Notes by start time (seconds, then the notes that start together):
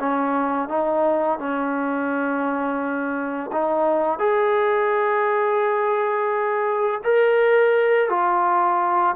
0.00 C#4
0.69 D#4
1.39 C#4
3.53 D#4
4.19 G#4
7.04 A#4
8.10 F4